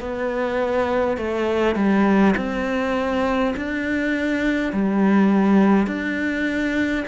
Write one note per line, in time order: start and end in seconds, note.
0.00 1.17 B3
1.17 1.75 A3
1.75 2.34 G3
2.36 3.54 C4
3.56 4.73 D4
4.73 5.87 G3
5.87 7.04 D4